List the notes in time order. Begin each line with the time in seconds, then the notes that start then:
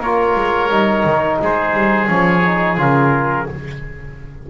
0.00 A#3 F4 A#4 C#5
0.36 G#3
0.70 G3 D#4
1.05 D#3
1.42 G#3 G#4 C5
1.74 G3
2.08 F3 C#4 C#5
2.46 D#4
2.78 C#3 F4 A#4